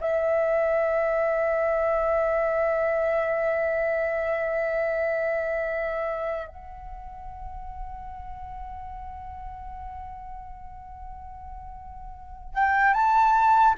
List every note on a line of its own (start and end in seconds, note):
0.00 6.47 E5
6.47 12.54 F#5
12.54 12.94 G5
12.94 13.75 A5